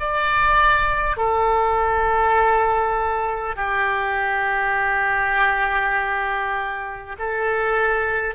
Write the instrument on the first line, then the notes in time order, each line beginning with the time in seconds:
oboe
0.00 D5
1.17 A4
3.56 G4
7.19 A4